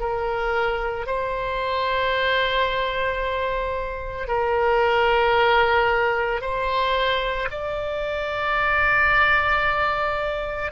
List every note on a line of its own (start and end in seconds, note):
0.00 1.07 A#4
1.07 4.28 C5
4.28 6.42 A#4
6.42 7.49 C5
7.51 10.72 D5